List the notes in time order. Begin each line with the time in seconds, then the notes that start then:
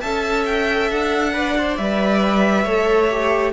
0.00 C#4 A4 E5 A5
0.45 G5
0.91 D4 F#5
1.33 B4 D5
1.58 C5
1.77 G3 B4 E5
2.64 A3 A4 C#5
3.10 G4